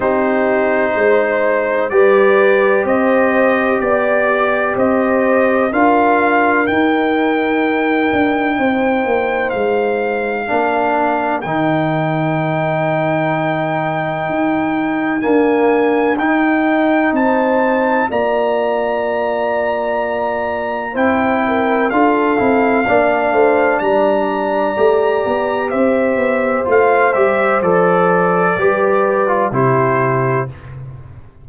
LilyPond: <<
  \new Staff \with { instrumentName = "trumpet" } { \time 4/4 \tempo 4 = 63 c''2 d''4 dis''4 | d''4 dis''4 f''4 g''4~ | g''2 f''2 | g''1 |
gis''4 g''4 a''4 ais''4~ | ais''2 g''4 f''4~ | f''4 ais''2 e''4 | f''8 e''8 d''2 c''4 | }
  \new Staff \with { instrumentName = "horn" } { \time 4/4 g'4 c''4 b'4 c''4 | d''4 c''4 ais'2~ | ais'4 c''2 ais'4~ | ais'1~ |
ais'2 c''4 d''4~ | d''2 c''8 ais'8 a'4 | d''8 c''8 d''2 c''4~ | c''2 b'4 g'4 | }
  \new Staff \with { instrumentName = "trombone" } { \time 4/4 dis'2 g'2~ | g'2 f'4 dis'4~ | dis'2. d'4 | dis'1 |
ais4 dis'2 f'4~ | f'2 e'4 f'8 e'8 | d'2 g'2 | f'8 g'8 a'4 g'8. f'16 e'4 | }
  \new Staff \with { instrumentName = "tuba" } { \time 4/4 c'4 gis4 g4 c'4 | b4 c'4 d'4 dis'4~ | dis'8 d'8 c'8 ais8 gis4 ais4 | dis2. dis'4 |
d'4 dis'4 c'4 ais4~ | ais2 c'4 d'8 c'8 | ais8 a8 g4 a8 b8 c'8 b8 | a8 g8 f4 g4 c4 | }
>>